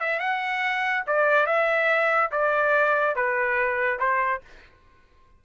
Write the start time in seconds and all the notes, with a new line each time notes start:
0.00 E5
0.19 F#5
1.07 D5
1.47 E5
2.32 D5
3.15 B4
3.99 C5